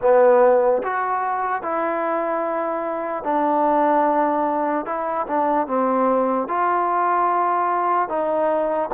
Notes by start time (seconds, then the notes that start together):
0.01 B3
0.83 F#4
1.62 E4
3.23 D4
4.85 E4
5.27 D4
5.67 C4
6.48 F4
8.08 D#4